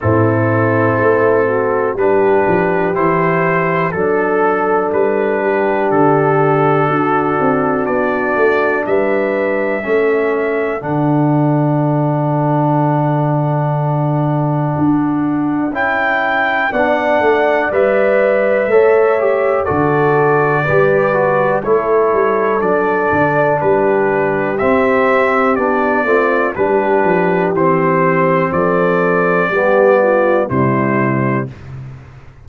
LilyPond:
<<
  \new Staff \with { instrumentName = "trumpet" } { \time 4/4 \tempo 4 = 61 a'2 b'4 c''4 | a'4 b'4 a'2 | d''4 e''2 fis''4~ | fis''1 |
g''4 fis''4 e''2 | d''2 cis''4 d''4 | b'4 e''4 d''4 b'4 | c''4 d''2 c''4 | }
  \new Staff \with { instrumentName = "horn" } { \time 4/4 e'4. fis'8 g'2 | a'4. g'4. fis'4~ | fis'4 b'4 a'2~ | a'1~ |
a'4 d''2 cis''4 | a'4 b'4 a'2 | g'2~ g'8 f'8 g'4~ | g'4 a'4 g'8 f'8 e'4 | }
  \new Staff \with { instrumentName = "trombone" } { \time 4/4 c'2 d'4 e'4 | d'1~ | d'2 cis'4 d'4~ | d'1 |
e'4 d'4 b'4 a'8 g'8 | fis'4 g'8 fis'8 e'4 d'4~ | d'4 c'4 d'8 c'8 d'4 | c'2 b4 g4 | }
  \new Staff \with { instrumentName = "tuba" } { \time 4/4 a,4 a4 g8 f8 e4 | fis4 g4 d4 d'8 c'8 | b8 a8 g4 a4 d4~ | d2. d'4 |
cis'4 b8 a8 g4 a4 | d4 g4 a8 g8 fis8 d8 | g4 c'4 b8 a8 g8 f8 | e4 f4 g4 c4 | }
>>